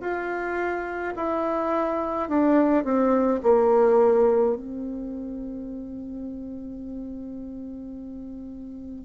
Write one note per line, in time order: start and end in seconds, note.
0.00 1.13 F4
1.16 2.28 E4
2.28 2.84 D4
2.84 3.41 C4
3.43 4.56 A#3
4.56 9.05 C4